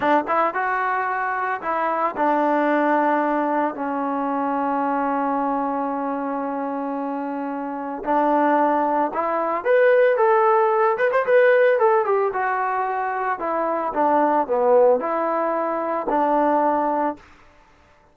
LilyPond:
\new Staff \with { instrumentName = "trombone" } { \time 4/4 \tempo 4 = 112 d'8 e'8 fis'2 e'4 | d'2. cis'4~ | cis'1~ | cis'2. d'4~ |
d'4 e'4 b'4 a'4~ | a'8 b'16 c''16 b'4 a'8 g'8 fis'4~ | fis'4 e'4 d'4 b4 | e'2 d'2 | }